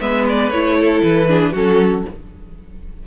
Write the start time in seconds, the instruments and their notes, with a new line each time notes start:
0.00 cello G#3, viola B3, violin B4 E5
0.29 violin D5
0.50 cello A3, viola E4, violin C#5
0.80 violin A4
1.02 cello E3, violin B4
1.28 viola D4, violin G#4
1.52 cello F#3, viola C#4, violin F#4 A4